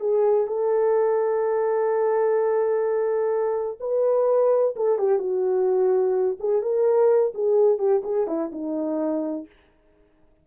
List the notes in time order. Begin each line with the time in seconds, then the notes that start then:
0.00 G#4
0.47 A4
3.80 B4
4.76 A4
4.99 G4
5.19 F#4
6.40 G#4
6.62 A#4
7.34 G#4
7.78 G4
8.04 G#4
8.27 E4
8.52 D#4